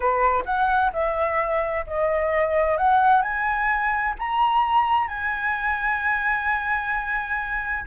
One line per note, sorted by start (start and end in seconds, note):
0.00 0.43 B4
0.45 0.91 F#5
0.93 1.85 E5
1.86 2.77 D#5
2.77 3.22 F#5
3.22 4.14 G#5
4.18 5.07 A#5
5.07 7.84 G#5